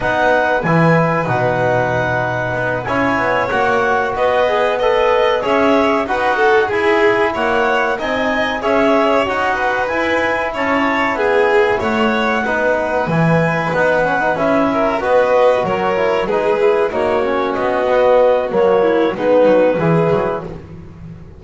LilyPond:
<<
  \new Staff \with { instrumentName = "clarinet" } { \time 4/4 \tempo 4 = 94 fis''4 gis''4 fis''2~ | fis''8 gis''4 fis''4 dis''4 b'8~ | b'8 e''4 fis''4 gis''4 fis''8~ | fis''8 gis''4 e''4 fis''4 gis''8~ |
gis''8 a''4 gis''4 fis''4.~ | fis''8 gis''4 fis''4 e''4 dis''8~ | dis''8 cis''4 b'4 cis''4 dis''8~ | dis''4 cis''4 b'2 | }
  \new Staff \with { instrumentName = "violin" } { \time 4/4 b'1~ | b'8 cis''2 b'4 dis''8~ | dis''8 cis''4 b'8 a'8 gis'4 cis''8~ | cis''8 dis''4 cis''4. b'4~ |
b'8 cis''4 gis'4 cis''4 b'8~ | b'2. ais'8 b'8~ | b'8 ais'4 gis'4 fis'4.~ | fis'4. e'8 dis'4 gis'4 | }
  \new Staff \with { instrumentName = "trombone" } { \time 4/4 dis'4 e'4 dis'2~ | dis'8 e'4 fis'4. gis'8 a'8~ | a'8 gis'4 fis'4 e'4.~ | e'8 dis'4 gis'4 fis'4 e'8~ |
e'2.~ e'8 dis'8~ | dis'8 e'4 dis'8 cis'16 dis'16 e'4 fis'8~ | fis'4 e'8 dis'8 e'8 dis'8 cis'4 | b4 ais4 b4 e'4 | }
  \new Staff \with { instrumentName = "double bass" } { \time 4/4 b4 e4 b,2 | b8 cis'8 b8 ais4 b4.~ | b8 cis'4 dis'4 e'4 ais8~ | ais8 c'4 cis'4 dis'4 e'8~ |
e'8 cis'4 b4 a4 b8~ | b8 e4 b4 cis'4 b8~ | b8 fis4 gis4 ais4 b8~ | b4 fis4 gis8 fis8 e8 fis8 | }
>>